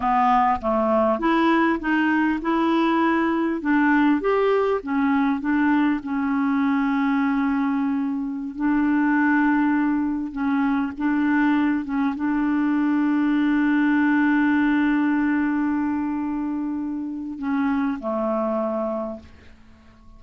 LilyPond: \new Staff \with { instrumentName = "clarinet" } { \time 4/4 \tempo 4 = 100 b4 a4 e'4 dis'4 | e'2 d'4 g'4 | cis'4 d'4 cis'2~ | cis'2~ cis'16 d'4.~ d'16~ |
d'4~ d'16 cis'4 d'4. cis'16~ | cis'16 d'2.~ d'8.~ | d'1~ | d'4 cis'4 a2 | }